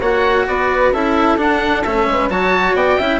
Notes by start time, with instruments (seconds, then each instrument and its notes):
0.00 bassoon A#3, cello F#4, flute C#5, oboe F#5
0.47 bassoon B3, flute B4, oboe D5
0.92 bassoon C#4, cello E4, flute A4, oboe E5
1.37 bassoon D4, cello D4, oboe F#5
1.83 bassoon A3, cello C#4, oboe E5
2.06 bassoon G#3, flute B4
2.29 bassoon F#3, cello F#4, flute C#5, oboe A5
2.74 bassoon B3, flute D5, oboe G5
2.98 bassoon C#4, cello E4, flute E5